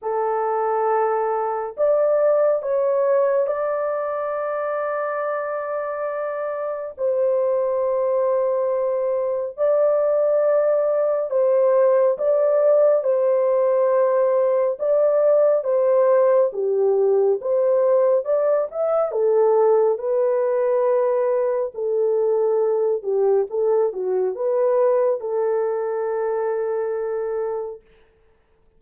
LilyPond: \new Staff \with { instrumentName = "horn" } { \time 4/4 \tempo 4 = 69 a'2 d''4 cis''4 | d''1 | c''2. d''4~ | d''4 c''4 d''4 c''4~ |
c''4 d''4 c''4 g'4 | c''4 d''8 e''8 a'4 b'4~ | b'4 a'4. g'8 a'8 fis'8 | b'4 a'2. | }